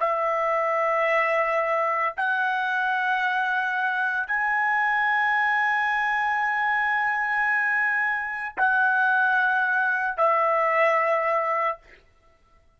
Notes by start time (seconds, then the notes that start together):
0.00 E5
2.16 F#5
4.27 G#5
8.57 F#5
10.17 E5